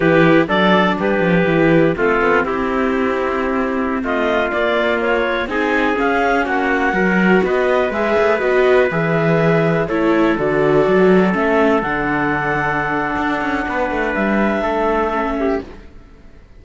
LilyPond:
<<
  \new Staff \with { instrumentName = "clarinet" } { \time 4/4 \tempo 4 = 123 b'4 d''4 b'2 | a'4 g'2.~ | g'16 dis''4 d''4 cis''4 gis''8.~ | gis''16 f''4 fis''2 dis''8.~ |
dis''16 e''4 dis''4 e''4.~ e''16~ | e''16 cis''4 d''2 e''8.~ | e''16 fis''2.~ fis''8.~ | fis''4 e''2. | }
  \new Staff \with { instrumentName = "trumpet" } { \time 4/4 g'4 a'4 g'2 | f'4 e'2.~ | e'16 f'2. gis'8.~ | gis'4~ gis'16 fis'4 ais'4 b'8.~ |
b'1~ | b'16 a'2.~ a'8.~ | a'1 | b'2 a'4. g'8 | }
  \new Staff \with { instrumentName = "viola" } { \time 4/4 e'4 d'2 e'4 | c'1~ | c'4~ c'16 ais2 dis'8.~ | dis'16 cis'2 fis'4.~ fis'16~ |
fis'16 gis'4 fis'4 gis'4.~ gis'16~ | gis'16 e'4 fis'2 cis'8.~ | cis'16 d'2.~ d'8.~ | d'2. cis'4 | }
  \new Staff \with { instrumentName = "cello" } { \time 4/4 e4 fis4 g8 f8 e4 | a8 b8 c'2.~ | c'16 a4 ais2 c'8.~ | c'16 cis'4 ais4 fis4 b8.~ |
b16 gis8 a8 b4 e4.~ e16~ | e16 a4 d4 fis4 a8.~ | a16 d2~ d8. d'8 cis'8 | b8 a8 g4 a2 | }
>>